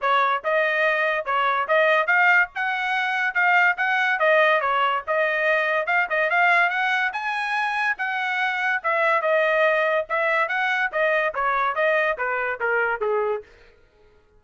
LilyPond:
\new Staff \with { instrumentName = "trumpet" } { \time 4/4 \tempo 4 = 143 cis''4 dis''2 cis''4 | dis''4 f''4 fis''2 | f''4 fis''4 dis''4 cis''4 | dis''2 f''8 dis''8 f''4 |
fis''4 gis''2 fis''4~ | fis''4 e''4 dis''2 | e''4 fis''4 dis''4 cis''4 | dis''4 b'4 ais'4 gis'4 | }